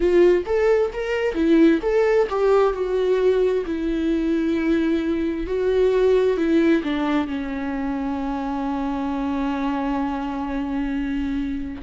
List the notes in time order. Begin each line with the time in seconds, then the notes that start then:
0.00 F4
0.45 A4
0.93 A#4
1.34 E4
1.82 A4
2.29 G4
2.73 F#4
3.65 E4
5.46 F#4
6.37 E4
6.83 D4
7.27 C#4